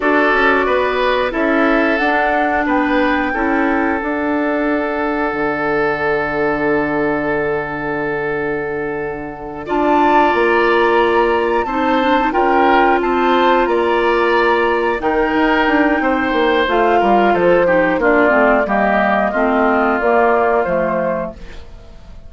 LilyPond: <<
  \new Staff \with { instrumentName = "flute" } { \time 4/4 \tempo 4 = 90 d''2 e''4 fis''4 | g''2 fis''2~ | fis''1~ | fis''2~ fis''8 a''4 ais''8~ |
ais''4. a''4 g''4 a''8~ | a''8 ais''2 g''4.~ | g''4 f''4 c''4 d''4 | dis''2 d''4 c''4 | }
  \new Staff \with { instrumentName = "oboe" } { \time 4/4 a'4 b'4 a'2 | b'4 a'2.~ | a'1~ | a'2~ a'8 d''4.~ |
d''4. c''4 ais'4 c''8~ | c''8 d''2 ais'4. | c''4. ais'8 a'8 g'8 f'4 | g'4 f'2. | }
  \new Staff \with { instrumentName = "clarinet" } { \time 4/4 fis'2 e'4 d'4~ | d'4 e'4 d'2~ | d'1~ | d'2~ d'8 f'4.~ |
f'4. dis'8 d'16 dis'16 f'4.~ | f'2~ f'8 dis'4.~ | dis'4 f'4. dis'8 d'8 c'8 | ais4 c'4 ais4 a4 | }
  \new Staff \with { instrumentName = "bassoon" } { \time 4/4 d'8 cis'8 b4 cis'4 d'4 | b4 cis'4 d'2 | d1~ | d2~ d8 d'4 ais8~ |
ais4. c'4 cis'4 c'8~ | c'8 ais2 dis8 dis'8 d'8 | c'8 ais8 a8 g8 f4 ais8 a8 | g4 a4 ais4 f4 | }
>>